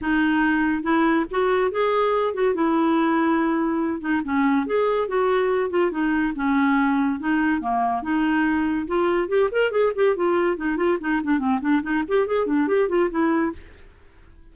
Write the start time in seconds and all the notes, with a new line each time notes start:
0.01 D#4
0.82 E4
1.30 F#4
1.71 G#4
2.34 F#4
2.54 E4
4.00 D#4
4.24 C#4
4.66 G#4
5.07 F#4
5.70 F4
5.91 D#4
6.35 C#4
7.19 D#4
7.61 A#3
8.02 D#4
8.87 F4
9.28 G4
9.51 A#4
9.71 G#4
9.95 G4
10.16 F4
10.56 D#4
10.77 F4
11.00 D#4
11.23 D4
11.38 C4
11.60 D4
11.82 D#4
12.07 G4
12.27 G#4
12.46 D4
12.67 G4
12.88 F4
13.10 E4